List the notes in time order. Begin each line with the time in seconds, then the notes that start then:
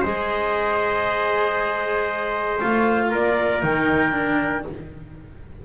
0.00 G#3 G#4 C5 D#5
2.60 A3 F4 F5
3.11 A#3 A#4 D5
3.61 D#3 D#4 G5
4.12 D4